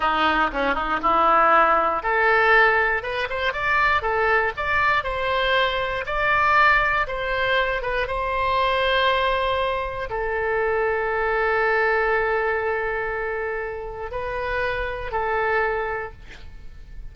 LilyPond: \new Staff \with { instrumentName = "oboe" } { \time 4/4 \tempo 4 = 119 dis'4 cis'8 dis'8 e'2 | a'2 b'8 c''8 d''4 | a'4 d''4 c''2 | d''2 c''4. b'8 |
c''1 | a'1~ | a'1 | b'2 a'2 | }